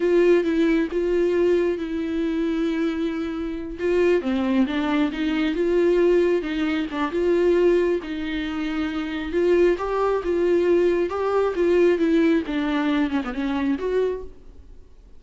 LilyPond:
\new Staff \with { instrumentName = "viola" } { \time 4/4 \tempo 4 = 135 f'4 e'4 f'2 | e'1~ | e'8 f'4 c'4 d'4 dis'8~ | dis'8 f'2 dis'4 d'8 |
f'2 dis'2~ | dis'4 f'4 g'4 f'4~ | f'4 g'4 f'4 e'4 | d'4. cis'16 b16 cis'4 fis'4 | }